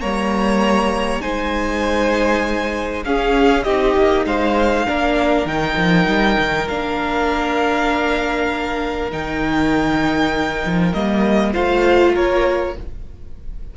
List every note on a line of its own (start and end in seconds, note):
0.00 1.23 G3
0.00 1.21 A#3
0.00 1.22 C#5
0.00 1.21 A#5
1.21 3.05 G#3
1.21 3.03 D#4
1.21 3.04 C5
1.21 3.03 G#5
3.05 3.66 C#4
3.05 3.65 G#4
3.05 3.63 F5
3.63 3.96 C4
3.63 4.86 D#4
3.63 4.26 G4
3.63 4.24 D#5
3.96 4.25 A#3
4.25 4.86 G#3
4.25 4.87 C5
4.25 5.47 F5
4.86 5.45 A#3
4.86 5.47 D4
4.86 11.52 A#4
5.45 5.76 D#3
5.45 6.68 D#4
5.45 6.68 G5
5.76 6.06 F3
6.06 6.36 G3
6.39 6.69 D#3
6.68 9.12 A#3
6.68 9.11 D4
6.68 9.11 F5
9.11 10.64 D#3
9.11 10.93 D#4
9.11 10.93 G5
10.66 10.93 F3
10.93 11.54 G3
10.93 11.54 A#3
10.93 11.53 D#5
11.52 12.16 A3
11.52 12.75 F4
11.52 12.13 C5
11.52 12.14 F5
12.14 12.76 A#3
12.14 12.74 A#4
12.14 12.77 C#5